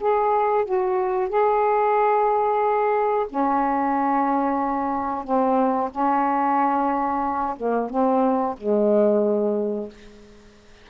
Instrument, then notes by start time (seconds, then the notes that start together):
saxophone
0.00 G#4
0.65 F#4
1.29 G#4
3.29 C#4
5.24 C4
5.91 C#4
7.56 A#3
7.90 C4
8.57 G#3